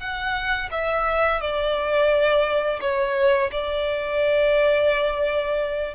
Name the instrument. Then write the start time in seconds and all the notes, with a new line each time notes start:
violin
0.00 F#5
0.72 E5
1.41 D5
2.81 C#5
3.52 D5